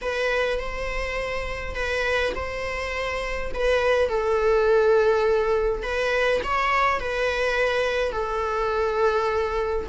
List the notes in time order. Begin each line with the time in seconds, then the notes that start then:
0.01 B4
0.59 C5
1.75 B4
2.35 C5
3.53 B4
4.09 A4
5.83 B4
6.43 C#5
7.00 B4
8.12 A4